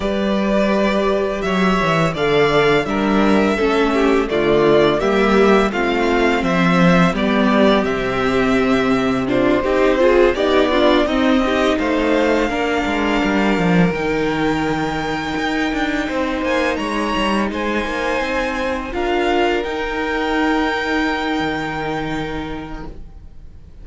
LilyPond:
<<
  \new Staff \with { instrumentName = "violin" } { \time 4/4 \tempo 4 = 84 d''2 e''4 f''4 | e''2 d''4 e''4 | f''4 e''4 d''4 e''4~ | e''4 c''4. d''4 dis''8~ |
dis''8 f''2. g''8~ | g''2. gis''8 ais''8~ | ais''8 gis''2 f''4 g''8~ | g''1 | }
  \new Staff \with { instrumentName = "violin" } { \time 4/4 b'2 cis''4 d''4 | ais'4 a'8 g'8 f'4 g'4 | f'4 c''4 g'2~ | g'4 f'8 g'8 gis'8 g'8 f'8 dis'8 |
g'8 c''4 ais'2~ ais'8~ | ais'2~ ais'8 c''4 cis''8~ | cis''8 c''2 ais'4.~ | ais'1 | }
  \new Staff \with { instrumentName = "viola" } { \time 4/4 g'2. a'4 | d'4 cis'4 a4 ais4 | c'2 b4 c'4~ | c'4 d'8 dis'8 f'8 dis'8 d'8 c'8 |
dis'4. d'2 dis'8~ | dis'1~ | dis'2~ dis'8 f'4 dis'8~ | dis'1 | }
  \new Staff \with { instrumentName = "cello" } { \time 4/4 g2 fis8 e8 d4 | g4 a4 d4 g4 | a4 f4 g4 c4~ | c4. c'4 b4 c'8~ |
c'8 a4 ais8 gis8 g8 f8 dis8~ | dis4. dis'8 d'8 c'8 ais8 gis8 | g8 gis8 ais8 c'4 d'4 dis'8~ | dis'2 dis2 | }
>>